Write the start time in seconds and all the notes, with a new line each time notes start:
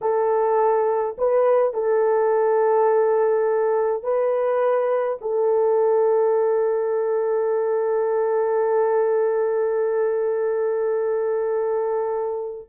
0.01 A4
1.18 B4
1.73 A4
4.03 B4
5.21 A4